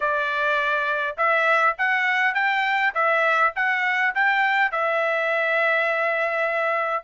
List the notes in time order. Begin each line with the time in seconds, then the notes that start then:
0.00 D5
1.17 E5
1.78 F#5
2.34 G5
2.94 E5
3.55 F#5
4.15 G5
4.71 E5